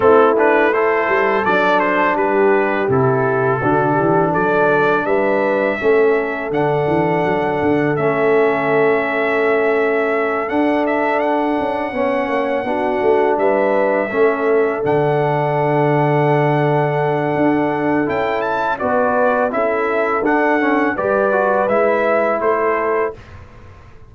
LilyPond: <<
  \new Staff \with { instrumentName = "trumpet" } { \time 4/4 \tempo 4 = 83 a'8 b'8 c''4 d''8 c''8 b'4 | a'2 d''4 e''4~ | e''4 fis''2 e''4~ | e''2~ e''8 fis''8 e''8 fis''8~ |
fis''2~ fis''8 e''4.~ | e''8 fis''2.~ fis''8~ | fis''4 g''8 a''8 d''4 e''4 | fis''4 d''4 e''4 c''4 | }
  \new Staff \with { instrumentName = "horn" } { \time 4/4 e'4 a'2 g'4~ | g'4 fis'8 g'8 a'4 b'4 | a'1~ | a'1~ |
a'8 cis''4 fis'4 b'4 a'8~ | a'1~ | a'2 b'4 a'4~ | a'4 b'2 a'4 | }
  \new Staff \with { instrumentName = "trombone" } { \time 4/4 c'8 d'8 e'4 d'2 | e'4 d'2. | cis'4 d'2 cis'4~ | cis'2~ cis'8 d'4.~ |
d'8 cis'4 d'2 cis'8~ | cis'8 d'2.~ d'8~ | d'4 e'4 fis'4 e'4 | d'8 cis'8 g'8 fis'8 e'2 | }
  \new Staff \with { instrumentName = "tuba" } { \time 4/4 a4. g8 fis4 g4 | c4 d8 e8 fis4 g4 | a4 d8 e8 fis8 d8 a4~ | a2~ a8 d'4. |
cis'8 b8 ais8 b8 a8 g4 a8~ | a8 d2.~ d8 | d'4 cis'4 b4 cis'4 | d'4 g4 gis4 a4 | }
>>